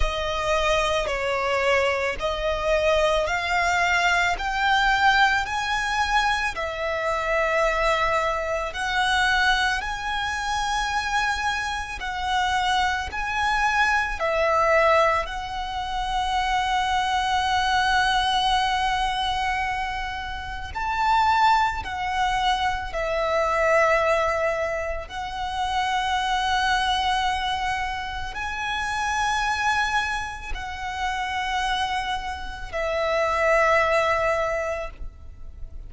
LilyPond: \new Staff \with { instrumentName = "violin" } { \time 4/4 \tempo 4 = 55 dis''4 cis''4 dis''4 f''4 | g''4 gis''4 e''2 | fis''4 gis''2 fis''4 | gis''4 e''4 fis''2~ |
fis''2. a''4 | fis''4 e''2 fis''4~ | fis''2 gis''2 | fis''2 e''2 | }